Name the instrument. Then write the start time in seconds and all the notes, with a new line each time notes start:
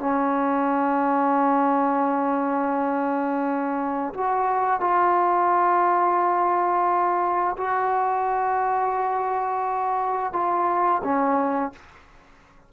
trombone
0.00 C#4
4.14 F#4
4.81 F4
7.57 F#4
10.33 F4
11.04 C#4